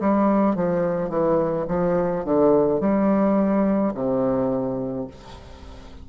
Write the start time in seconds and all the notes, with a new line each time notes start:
0.00 G3
0.55 F3
1.09 E3
1.68 F3
2.24 D3
2.80 G3
3.94 C3